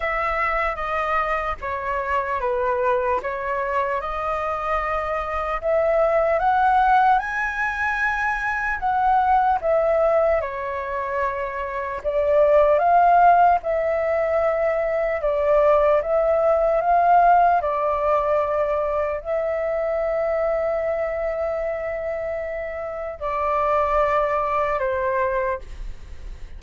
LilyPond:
\new Staff \with { instrumentName = "flute" } { \time 4/4 \tempo 4 = 75 e''4 dis''4 cis''4 b'4 | cis''4 dis''2 e''4 | fis''4 gis''2 fis''4 | e''4 cis''2 d''4 |
f''4 e''2 d''4 | e''4 f''4 d''2 | e''1~ | e''4 d''2 c''4 | }